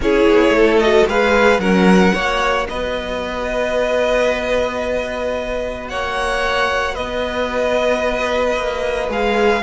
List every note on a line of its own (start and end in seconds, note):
0.00 0.26 C#4
0.00 0.82 E4
0.00 0.56 G#4
0.00 0.79 C#5
0.27 0.49 B3
0.49 1.02 A3
0.56 1.08 A4
0.79 1.08 F#4
0.79 1.06 D#5
1.07 1.58 G#3
1.07 1.61 G#4
1.07 1.60 B4
1.07 1.60 F5
1.58 2.12 F#3
1.58 2.15 C#4
1.58 2.13 A#4
1.58 2.67 F#5
2.13 2.68 A#3
2.13 9.09 F#4
2.13 2.67 C#5
2.68 5.91 B3
2.68 5.90 B4
2.68 5.88 D#5
5.88 6.98 A#3
5.88 6.94 C#5
5.88 6.95 F#5
6.94 8.56 B3
6.94 9.62 B4
6.94 9.09 D#5
8.56 9.08 A#3
9.08 9.62 G#3
9.08 9.62 G#4
9.08 9.62 F5